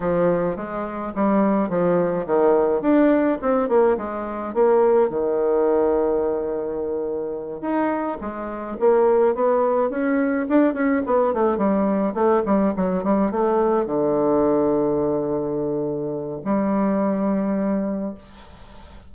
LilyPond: \new Staff \with { instrumentName = "bassoon" } { \time 4/4 \tempo 4 = 106 f4 gis4 g4 f4 | dis4 d'4 c'8 ais8 gis4 | ais4 dis2.~ | dis4. dis'4 gis4 ais8~ |
ais8 b4 cis'4 d'8 cis'8 b8 | a8 g4 a8 g8 fis8 g8 a8~ | a8 d2.~ d8~ | d4 g2. | }